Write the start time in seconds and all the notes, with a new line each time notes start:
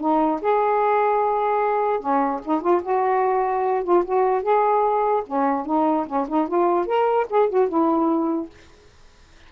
0.00 D#4
0.41 G#4
2.00 C#4
2.45 D#4
2.61 F4
2.82 F#4
3.84 F4
4.05 F#4
4.42 G#4
5.26 C#4
5.66 D#4
6.07 C#4
6.28 D#4
6.48 F4
6.86 A#4
7.30 G#4
7.49 F#4
7.69 E4